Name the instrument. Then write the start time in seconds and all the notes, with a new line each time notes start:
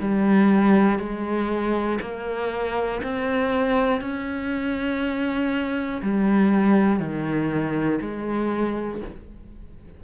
cello
0.00 G3
0.99 G#3
2.01 A#3
3.03 C4
4.01 C#4
6.02 G3
6.99 D#3
8.01 G#3